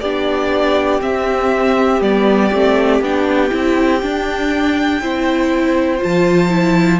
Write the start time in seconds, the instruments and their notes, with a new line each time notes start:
0.00 cello B3, viola D4, violin G4 D5
0.99 viola C4, cello C4, violin E5
2.01 cello G3, viola B3, violin D5
2.52 cello A3, viola C4
3.00 cello B3, viola D4, violin G5
3.49 cello C4, viola E4
4.02 viola D4, cello D4
5.01 cello C4, viola E4, violin C5
5.98 viola F4, violin A5
6.04 cello F3
6.49 viola E4